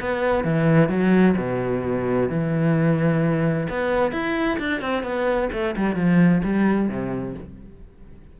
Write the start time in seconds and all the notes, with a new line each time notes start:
0.00 B3
0.44 E3
0.89 F#3
1.37 B2
2.29 E3
3.69 B3
4.12 E4
4.59 D4
4.81 C4
5.03 B3
5.52 A3
5.76 G3
5.95 F3
6.44 G3
6.88 C3